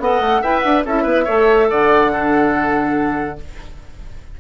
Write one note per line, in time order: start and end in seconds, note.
0.00 0.20 B3
0.00 0.44 A4
0.00 0.42 D#5
0.00 0.43 F#5
0.20 0.41 A3
0.42 0.65 E4
0.42 0.86 B4
0.42 0.84 E5
0.42 0.59 G5
0.59 0.86 D4
0.59 0.81 F#5
0.85 1.05 C#4
0.85 1.26 E4
0.85 1.03 A4
0.85 1.71 E5
1.03 1.26 B3
1.03 1.24 B4
1.25 1.71 A3
1.25 2.09 A4
1.25 1.67 C#5
1.70 3.40 D3
1.70 2.12 D5
1.70 3.40 F#5
2.09 3.36 D4
2.09 3.39 A4